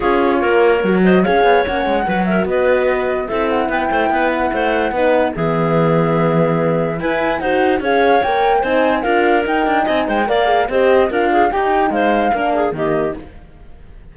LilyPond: <<
  \new Staff \with { instrumentName = "flute" } { \time 4/4 \tempo 4 = 146 cis''2~ cis''8 dis''8 f''4 | fis''4. e''8 dis''2 | e''8 fis''8 g''4. fis''4.~ | fis''4 e''2.~ |
e''4 gis''4 fis''4 f''4 | g''4 gis''4 f''4 g''4 | gis''8 g''8 f''4 dis''4 f''4 | g''4 f''2 dis''4 | }
  \new Staff \with { instrumentName = "clarinet" } { \time 4/4 gis'4 ais'4. c''8 cis''4~ | cis''4 b'8 ais'8 b'2 | a'4 b'8 c''8 b'4 c''4 | b'4 gis'2.~ |
gis'4 b'4 c''4 cis''4~ | cis''4 c''4 ais'2 | dis''8 c''8 d''4 c''4 ais'8 gis'8 | g'4 c''4 ais'8 gis'8 g'4 | }
  \new Staff \with { instrumentName = "horn" } { \time 4/4 f'2 fis'4 gis'4 | cis'4 fis'2. | e'1 | dis'4 b2.~ |
b4 e'4 fis'4 gis'4 | ais'4 dis'4 f'4 dis'4~ | dis'4 ais'8 gis'8 g'4 f'4 | dis'2 d'4 ais4 | }
  \new Staff \with { instrumentName = "cello" } { \time 4/4 cis'4 ais4 fis4 cis'8 b8 | ais8 gis8 fis4 b2 | c'4 b8 a8 b4 a4 | b4 e2.~ |
e4 e'4 dis'4 cis'4 | ais4 c'4 d'4 dis'8 d'8 | c'8 gis8 ais4 c'4 d'4 | dis'4 gis4 ais4 dis4 | }
>>